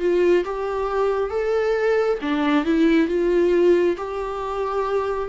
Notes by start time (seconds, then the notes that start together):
0.00 F4
0.45 G4
1.30 A4
2.21 D4
2.65 E4
3.08 F4
3.97 G4